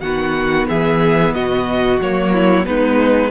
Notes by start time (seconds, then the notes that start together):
0.00 D#3 B3 F#4 F#5
0.68 E3 G#4 E5
1.34 B2 F#4 D#5
2.00 F#3 A#3 C#5
2.33 E4
2.65 G#3 B3 D#4 B4